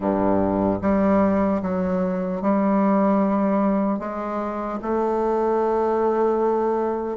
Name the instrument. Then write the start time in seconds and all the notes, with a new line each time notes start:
bassoon
0.00 G2
0.81 G3
1.61 F#3
2.41 G3
3.99 G#3
4.81 A3